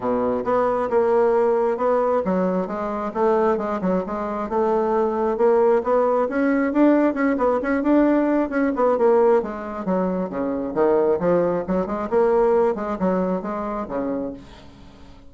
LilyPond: \new Staff \with { instrumentName = "bassoon" } { \time 4/4 \tempo 4 = 134 b,4 b4 ais2 | b4 fis4 gis4 a4 | gis8 fis8 gis4 a2 | ais4 b4 cis'4 d'4 |
cis'8 b8 cis'8 d'4. cis'8 b8 | ais4 gis4 fis4 cis4 | dis4 f4 fis8 gis8 ais4~ | ais8 gis8 fis4 gis4 cis4 | }